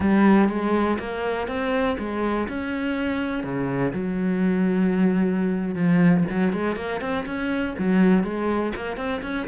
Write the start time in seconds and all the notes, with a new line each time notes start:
0.00 G3
0.49 G#3
0.99 A#3
1.47 C4
1.99 G#3
2.48 C#4
3.43 C#3
3.93 F#3
5.75 F3
6.30 F#3
6.52 G#3
6.76 A#3
7.00 C4
7.25 C#4
7.78 F#3
8.23 G#3
8.75 A#3
8.96 C4
9.22 C#4